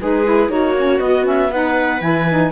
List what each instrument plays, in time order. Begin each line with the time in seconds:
0.00 cello G#3, saxophone D#4, viola G#4, clarinet B4
0.24 saxophone E4
0.48 cello A#3, saxophone D#4, viola F#4, clarinet C#5
0.76 saxophone C#4
0.99 saxophone B3, cello B3, clarinet D#5
1.23 saxophone C#4, clarinet E5
1.51 saxophone D#4, viola B4, clarinet F#5
2.00 cello E3, saxophone E4, clarinet G#5
2.29 saxophone D#4